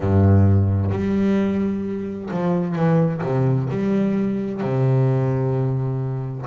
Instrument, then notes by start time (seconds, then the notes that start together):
double bass
0.00 G2
0.91 G3
2.31 F3
2.75 E3
3.23 C3
3.70 G3
4.61 C3